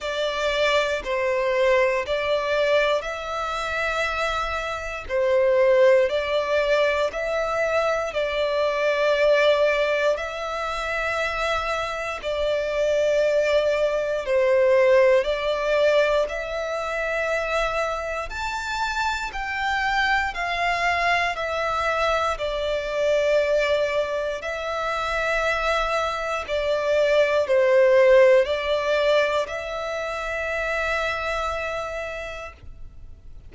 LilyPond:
\new Staff \with { instrumentName = "violin" } { \time 4/4 \tempo 4 = 59 d''4 c''4 d''4 e''4~ | e''4 c''4 d''4 e''4 | d''2 e''2 | d''2 c''4 d''4 |
e''2 a''4 g''4 | f''4 e''4 d''2 | e''2 d''4 c''4 | d''4 e''2. | }